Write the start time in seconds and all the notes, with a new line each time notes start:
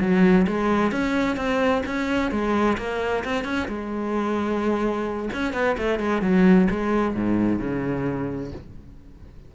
0.00 F#3
0.47 G#3
0.92 C#4
1.36 C4
1.86 C#4
2.31 G#3
2.78 A#3
3.24 C4
3.44 C#4
3.68 G#3
5.33 C#4
5.53 B3
5.78 A3
5.99 G#3
6.22 F#3
6.70 G#3
7.15 G#2
7.59 C#3